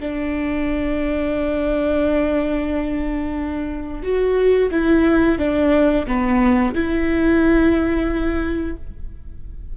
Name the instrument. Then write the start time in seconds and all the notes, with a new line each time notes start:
viola
0.00 D4
4.03 F#4
4.71 E4
5.39 D4
6.07 B3
6.74 E4